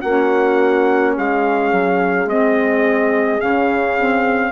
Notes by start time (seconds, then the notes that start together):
0.00 A#3 C#4 F#4 F#5
1.15 G#3 G#4 F5
1.72 F#3
2.25 G#3 C4 D#5
3.39 C#3 C#4 F5
3.96 C4